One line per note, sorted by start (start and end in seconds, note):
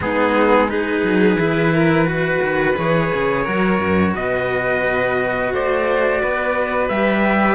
0.00 1.03 G#3
0.00 0.68 B3
0.00 0.71 D#4
0.00 0.69 G#4
0.68 1.37 D#4
0.68 1.73 G#4
0.68 2.76 B4
1.03 1.35 F#3
1.35 2.39 E3
1.35 2.05 E4
1.73 2.08 A#4
2.05 2.74 F#4
2.05 3.42 B4
2.42 2.77 D#3
2.76 3.12 E3
2.76 3.45 G#4
2.76 4.15 C#5
3.14 3.47 C#3
3.42 3.79 F#3
3.42 6.90 F#4
3.42 4.11 A#4
3.79 4.13 F#2
4.15 5.52 B2
4.15 5.52 B4
4.15 5.53 D#5
5.52 6.21 A3
5.52 6.21 C5
5.52 6.88 D5
6.21 6.89 B3
6.21 7.55 B4
6.88 7.55 G3
6.88 7.55 G4
6.88 7.55 E5